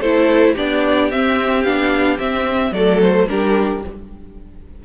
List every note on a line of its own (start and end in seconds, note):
0.00 0.55 A3
0.00 0.57 E4
0.00 0.53 A4
0.00 0.55 C5
0.53 1.12 B3
0.53 1.11 D4
0.53 2.71 G4
0.53 1.11 D5
1.11 1.64 C4
1.11 1.66 C4
1.11 1.63 E5
1.63 2.18 B3
1.63 2.17 D4
1.63 2.17 F5
2.17 2.72 C4
2.17 2.71 C4
2.17 2.73 E5
2.71 3.26 F#3
2.71 3.28 A3
2.71 3.29 A4
2.71 3.00 D5
3.01 3.29 C5
3.28 3.84 G3
3.28 3.83 D4
3.28 3.85 G4
3.28 3.83 A#4